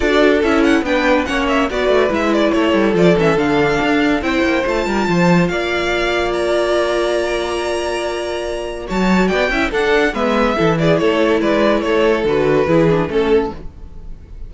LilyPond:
<<
  \new Staff \with { instrumentName = "violin" } { \time 4/4 \tempo 4 = 142 d''4 e''8 fis''8 g''4 fis''8 e''8 | d''4 e''8 d''8 cis''4 d''8 e''8 | f''2 g''4 a''4~ | a''4 f''2 ais''4~ |
ais''1~ | ais''4 a''4 g''4 fis''4 | e''4. d''8 cis''4 d''4 | cis''4 b'2 a'4 | }
  \new Staff \with { instrumentName = "violin" } { \time 4/4 a'2 b'4 cis''4 | b'2 a'2~ | a'2 c''4. ais'8 | c''4 d''2.~ |
d''1~ | d''4 cis''4 d''8 e''8 a'4 | b'4 a'8 gis'8 a'4 b'4 | a'2 gis'4 a'4 | }
  \new Staff \with { instrumentName = "viola" } { \time 4/4 fis'4 e'4 d'4 cis'4 | fis'4 e'2 f'8 cis'8 | d'2 e'4 f'4~ | f'1~ |
f'1~ | f'4 fis'4. e'8 d'4 | b4 e'2.~ | e'4 fis'4 e'8 d'8 cis'4 | }
  \new Staff \with { instrumentName = "cello" } { \time 4/4 d'4 cis'4 b4 ais4 | b8 a8 gis4 a8 g8 f8 e8 | d4 d'4 c'8 ais8 a8 g8 | f4 ais2.~ |
ais1~ | ais4 fis4 b8 cis'8 d'4 | gis4 e4 a4 gis4 | a4 d4 e4 a4 | }
>>